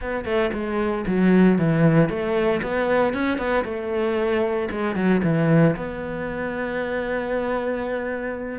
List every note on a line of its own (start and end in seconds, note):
0.01 0.24 B3
0.24 0.50 A3
0.53 1.05 G#3
1.06 1.58 F#3
1.58 2.09 E3
2.09 2.61 A3
2.62 3.13 B3
3.13 3.38 C#4
3.38 3.64 B3
3.64 4.68 A3
4.71 4.95 G#3
4.95 5.21 F#3
5.23 5.76 E3
5.76 8.59 B3